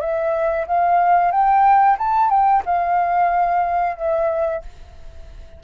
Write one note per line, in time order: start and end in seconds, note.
0.00 0.66 E5
0.67 1.31 F5
1.31 1.97 G5
1.98 2.30 A5
2.30 2.63 G5
2.65 3.97 F5
3.97 4.62 E5